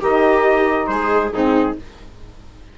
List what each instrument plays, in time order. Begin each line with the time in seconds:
0.00 bassoon D#3, saxophone D#4, viola G4, trumpet D#5
0.87 bassoon G#3, viola G#4, trumpet C5
1.32 bassoon G#2, saxophone C4, viola D#4, trumpet G#4